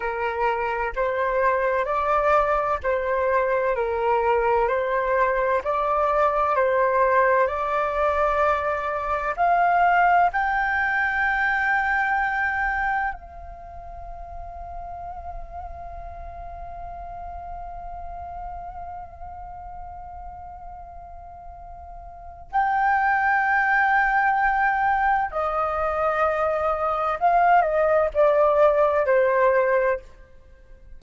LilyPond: \new Staff \with { instrumentName = "flute" } { \time 4/4 \tempo 4 = 64 ais'4 c''4 d''4 c''4 | ais'4 c''4 d''4 c''4 | d''2 f''4 g''4~ | g''2 f''2~ |
f''1~ | f''1 | g''2. dis''4~ | dis''4 f''8 dis''8 d''4 c''4 | }